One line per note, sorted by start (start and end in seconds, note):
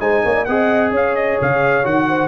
0.00 0.23 G#3
0.00 0.46 D#4
0.00 0.23 C5
0.00 0.45 G#5
0.25 0.48 A#3
0.25 0.35 C#5
0.35 0.46 D5
0.45 0.91 C4
0.45 1.84 G#4
0.45 0.92 D#5
0.45 0.91 F#5
0.91 1.37 C#4
0.91 2.06 C#5
0.91 1.15 F5
1.15 1.38 D#5
1.41 1.85 C#3
1.41 1.86 F5
1.84 2.28 D#3
1.84 2.28 F#4
1.84 2.28 F#5
2.09 2.28 C5